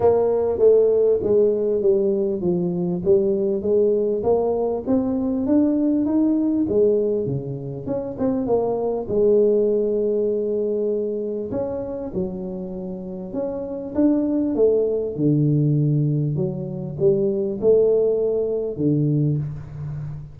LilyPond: \new Staff \with { instrumentName = "tuba" } { \time 4/4 \tempo 4 = 99 ais4 a4 gis4 g4 | f4 g4 gis4 ais4 | c'4 d'4 dis'4 gis4 | cis4 cis'8 c'8 ais4 gis4~ |
gis2. cis'4 | fis2 cis'4 d'4 | a4 d2 fis4 | g4 a2 d4 | }